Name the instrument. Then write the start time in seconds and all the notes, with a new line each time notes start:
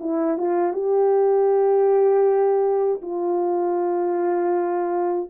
horn
0.00 E4
0.38 F4
0.73 G4
3.02 F4